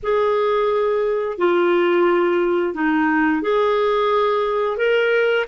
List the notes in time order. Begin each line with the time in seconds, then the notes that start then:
0.02 G#4
1.38 F4
2.74 D#4
3.42 G#4
4.77 A#4